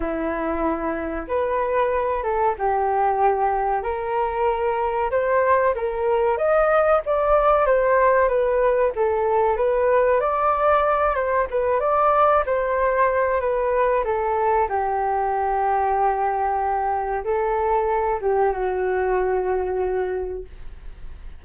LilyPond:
\new Staff \with { instrumentName = "flute" } { \time 4/4 \tempo 4 = 94 e'2 b'4. a'8 | g'2 ais'2 | c''4 ais'4 dis''4 d''4 | c''4 b'4 a'4 b'4 |
d''4. c''8 b'8 d''4 c''8~ | c''4 b'4 a'4 g'4~ | g'2. a'4~ | a'8 g'8 fis'2. | }